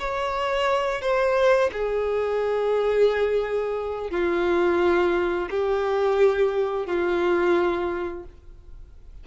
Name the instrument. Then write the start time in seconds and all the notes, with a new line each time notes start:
violin
0.00 C#5
1.02 C5
1.73 G#4
4.11 F4
5.51 G4
6.87 F4